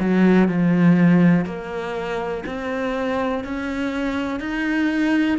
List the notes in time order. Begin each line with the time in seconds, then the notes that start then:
0.00 F#3
0.49 F3
1.46 A#3
2.46 C4
3.44 C#4
4.40 D#4